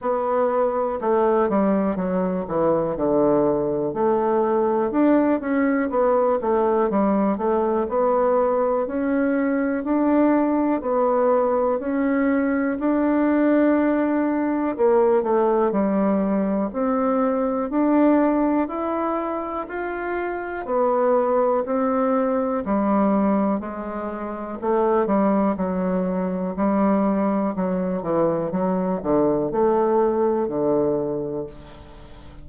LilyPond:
\new Staff \with { instrumentName = "bassoon" } { \time 4/4 \tempo 4 = 61 b4 a8 g8 fis8 e8 d4 | a4 d'8 cis'8 b8 a8 g8 a8 | b4 cis'4 d'4 b4 | cis'4 d'2 ais8 a8 |
g4 c'4 d'4 e'4 | f'4 b4 c'4 g4 | gis4 a8 g8 fis4 g4 | fis8 e8 fis8 d8 a4 d4 | }